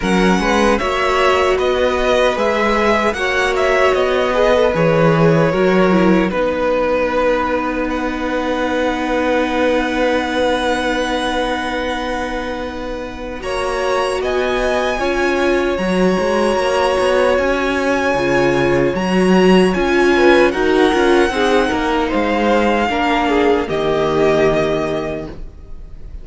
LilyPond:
<<
  \new Staff \with { instrumentName = "violin" } { \time 4/4 \tempo 4 = 76 fis''4 e''4 dis''4 e''4 | fis''8 e''8 dis''4 cis''2 | b'2 fis''2~ | fis''1~ |
fis''4 ais''4 gis''2 | ais''2 gis''2 | ais''4 gis''4 fis''2 | f''2 dis''2 | }
  \new Staff \with { instrumentName = "violin" } { \time 4/4 ais'8 b'8 cis''4 b'2 | cis''4. b'4. ais'4 | b'1~ | b'1~ |
b'4 cis''4 dis''4 cis''4~ | cis''1~ | cis''4. b'8 ais'4 gis'8 ais'8 | c''4 ais'8 gis'8 g'2 | }
  \new Staff \with { instrumentName = "viola" } { \time 4/4 cis'4 fis'2 gis'4 | fis'4. gis'16 a'16 gis'4 fis'8 e'8 | dis'1~ | dis'1~ |
dis'4 fis'2 f'4 | fis'2. f'4 | fis'4 f'4 fis'8 f'8 dis'4~ | dis'4 d'4 ais2 | }
  \new Staff \with { instrumentName = "cello" } { \time 4/4 fis8 gis8 ais4 b4 gis4 | ais4 b4 e4 fis4 | b1~ | b1~ |
b4 ais4 b4 cis'4 | fis8 gis8 ais8 b8 cis'4 cis4 | fis4 cis'4 dis'8 cis'8 c'8 ais8 | gis4 ais4 dis2 | }
>>